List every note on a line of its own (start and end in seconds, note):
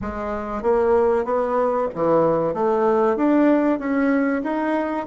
0.01 0.62 G#3
0.62 1.24 A#3
1.24 1.87 B3
1.94 2.53 E3
2.53 3.16 A3
3.16 3.79 D4
3.79 4.42 C#4
4.43 5.06 D#4